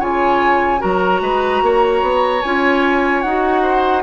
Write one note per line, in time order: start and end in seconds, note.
0.00 0.81 C#3
0.00 0.79 F4
0.00 0.81 C#5
0.00 0.82 G#5
0.79 1.21 F#3
0.79 2.41 F#4
0.79 1.21 A#4
0.79 2.42 A#5
1.21 1.62 G#3
1.21 1.63 B4
1.62 2.02 A#3
1.62 3.62 C#5
2.02 2.42 B3
2.42 3.24 C#4
2.42 3.26 F4
2.42 3.22 G#5
3.22 4.03 D#4
3.22 4.03 F#4
3.22 4.03 F#5
3.62 4.03 C5